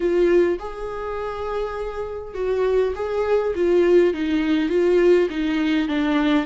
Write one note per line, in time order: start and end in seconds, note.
0.00 0.58 F4
0.59 2.34 G#4
2.34 2.93 F#4
2.95 3.53 G#4
3.55 4.13 F4
4.13 4.69 D#4
4.69 5.28 F4
5.30 5.88 D#4
5.88 6.45 D4